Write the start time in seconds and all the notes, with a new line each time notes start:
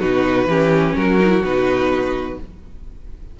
0.00 B2 D#4 F#4 B4
0.46 E3 C#4 G4
0.96 F#3 F#4 A#4
1.20 D#4
1.29 E4
1.42 B2 D#4 B4